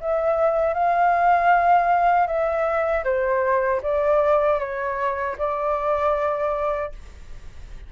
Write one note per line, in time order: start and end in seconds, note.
0.00 0.74 E5
0.74 2.27 F5
2.27 3.04 E5
3.05 3.81 C5
3.83 4.59 D5
4.59 5.36 C#5
5.38 6.92 D5